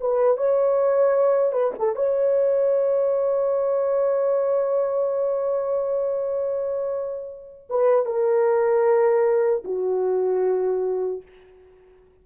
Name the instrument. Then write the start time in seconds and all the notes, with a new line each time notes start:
horn
0.00 B4
0.37 C#5
1.52 B4
1.79 A4
1.96 C#5
7.69 B4
8.06 A#4
9.64 F#4